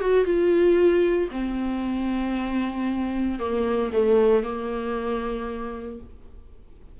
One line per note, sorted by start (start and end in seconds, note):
0.00 0.24 F#4
0.24 1.29 F4
1.31 3.39 C4
3.39 3.91 A#3
3.92 4.43 A3
4.43 5.99 A#3